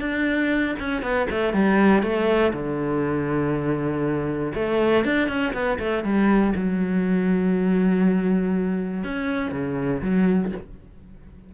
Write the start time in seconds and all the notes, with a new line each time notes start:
0.00 D4
0.79 C#4
1.02 B3
1.30 A3
1.53 G3
2.02 A3
2.53 D3
4.55 A3
5.05 D4
5.28 C#4
5.53 B3
5.79 A3
6.04 G3
6.55 F#3
9.04 C#4
9.51 C#3
10.02 F#3